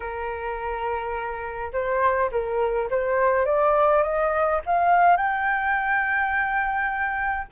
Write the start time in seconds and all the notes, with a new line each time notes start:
0.00 A#4
1.72 C5
2.31 A#4
2.90 C5
3.45 D5
4.02 D#5
4.65 F5
5.16 G5